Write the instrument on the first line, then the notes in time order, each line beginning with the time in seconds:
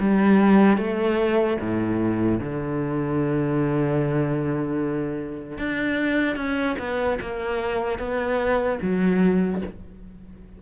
cello
0.00 G3
0.77 A3
1.61 A2
2.40 D3
5.59 D4
6.37 C#4
6.79 B3
7.21 A#3
7.99 B3
8.82 F#3